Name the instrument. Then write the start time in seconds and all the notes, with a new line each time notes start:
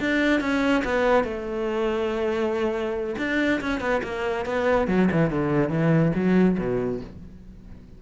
cello
0.00 D4
0.40 C#4
0.84 B3
1.24 A3
3.18 D4
3.61 C#4
3.80 B3
4.03 A#3
4.45 B3
4.87 F#3
5.11 E3
5.30 D3
5.69 E3
6.15 F#3
6.58 B2